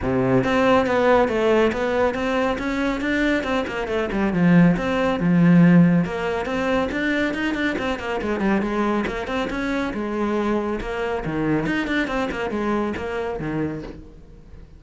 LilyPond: \new Staff \with { instrumentName = "cello" } { \time 4/4 \tempo 4 = 139 c4 c'4 b4 a4 | b4 c'4 cis'4 d'4 | c'8 ais8 a8 g8 f4 c'4 | f2 ais4 c'4 |
d'4 dis'8 d'8 c'8 ais8 gis8 g8 | gis4 ais8 c'8 cis'4 gis4~ | gis4 ais4 dis4 dis'8 d'8 | c'8 ais8 gis4 ais4 dis4 | }